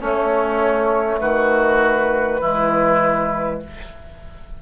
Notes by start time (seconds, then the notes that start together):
0.00 A3 C#4 C#5
1.20 D#3 F#4 B4
2.41 E3 G#3 E4